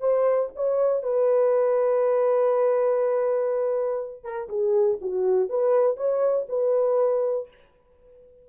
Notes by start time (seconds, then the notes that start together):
0.00 C5
0.56 C#5
1.03 B4
4.24 A#4
4.49 G#4
5.01 F#4
5.49 B4
5.97 C#5
6.49 B4